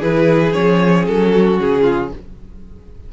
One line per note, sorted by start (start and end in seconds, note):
0.00 0.55 E3
0.00 0.54 E4
0.00 1.32 G#4
0.00 0.53 B4
0.53 1.08 F3
0.53 2.12 C#4
0.53 1.06 C#5
1.07 1.60 F#3
1.07 1.60 A4
1.33 1.82 F#4
1.60 2.13 C#3
1.60 2.13 G#4
1.82 2.09 F4